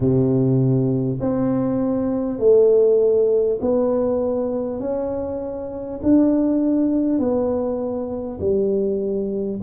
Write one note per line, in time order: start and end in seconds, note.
0.00 1.18 C3
1.20 2.38 C4
2.38 3.58 A3
3.60 4.80 B3
4.80 6.00 C#4
6.02 7.18 D4
7.18 8.38 B3
8.40 9.60 G3